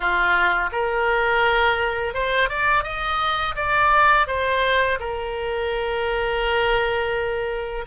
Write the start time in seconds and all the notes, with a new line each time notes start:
0.00 F4
0.71 A#4
2.14 C5
2.49 D5
2.83 D#5
3.55 D5
4.27 C5
4.99 A#4